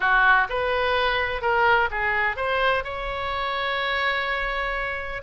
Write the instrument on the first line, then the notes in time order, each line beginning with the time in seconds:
oboe
0.00 F#4
0.49 B4
1.41 A#4
1.90 G#4
2.36 C5
2.84 C#5